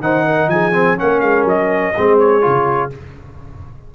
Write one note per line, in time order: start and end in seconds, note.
0.00 0.48 D#3
0.00 0.72 D#4
0.00 0.26 C5
0.00 0.50 F#5
0.26 0.50 A#4
0.48 0.96 F3
0.48 1.00 G#4
0.48 0.98 G#5
0.72 0.96 C4
0.96 1.22 A#3
0.96 1.93 C#4
0.96 1.96 A#4
0.96 1.20 F#5
1.20 1.44 G#3
1.20 1.44 F5
1.44 1.93 F#3
1.44 2.19 D#5
1.96 2.46 G#3
1.96 2.42 C4
1.96 2.93 G#4
2.19 2.92 C#5
2.42 2.95 C#3
2.42 2.90 F4